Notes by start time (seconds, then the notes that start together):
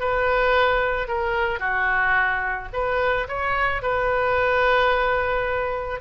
0.00 B4
1.08 A#4
1.59 F#4
2.73 B4
3.29 C#5
3.82 B4